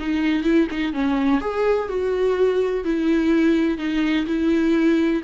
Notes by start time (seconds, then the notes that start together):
0.00 D#4
0.44 E4
0.71 D#4
0.94 C#4
1.41 G#4
1.89 F#4
2.85 E4
3.79 D#4
4.27 E4